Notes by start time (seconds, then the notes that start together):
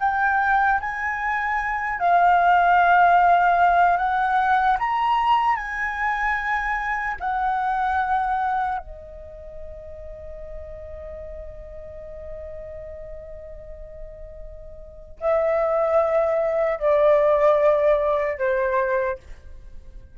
0.00 G5
0.81 G#5
2.00 F5
3.97 F#5
4.79 A#5
5.56 G#5
7.20 F#5
8.79 D#5
15.21 E5
16.79 D5
18.38 C5